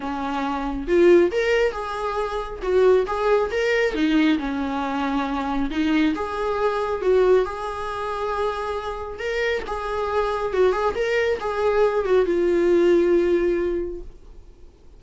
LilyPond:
\new Staff \with { instrumentName = "viola" } { \time 4/4 \tempo 4 = 137 cis'2 f'4 ais'4 | gis'2 fis'4 gis'4 | ais'4 dis'4 cis'2~ | cis'4 dis'4 gis'2 |
fis'4 gis'2.~ | gis'4 ais'4 gis'2 | fis'8 gis'8 ais'4 gis'4. fis'8 | f'1 | }